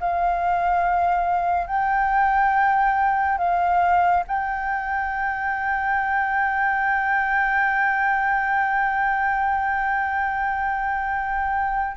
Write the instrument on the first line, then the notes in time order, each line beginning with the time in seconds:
flute
0.00 F5
1.67 G5
3.38 F5
4.27 G5